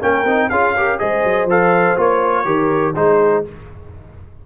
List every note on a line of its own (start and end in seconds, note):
0.00 0.25 A#3
0.00 0.26 C#4
0.00 0.49 A#4
0.00 0.50 G5
0.25 0.50 C4
0.25 0.51 D#4
0.50 0.99 C#4
0.50 0.77 F4
0.50 0.75 G#4
0.50 0.99 F5
0.75 0.99 G4
0.75 1.00 A#4
0.99 1.24 G#3
0.99 1.48 G#4
0.99 2.46 C5
0.99 1.48 D#5
1.24 1.45 F#3
1.45 1.94 F3
1.45 1.97 A4
1.45 2.00 F5
1.97 2.46 A#3
1.97 2.45 F4
1.97 2.95 C#5
2.45 2.95 D#3
2.45 2.94 G4
2.45 2.95 A#4
2.95 3.45 G#3
2.95 3.45 D#4
2.95 3.46 G#4
2.95 3.44 C5